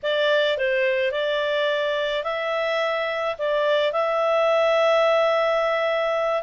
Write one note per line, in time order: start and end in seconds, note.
0.03 0.57 D5
0.57 1.11 C5
1.11 2.23 D5
2.23 3.35 E5
3.38 3.92 D5
3.92 6.42 E5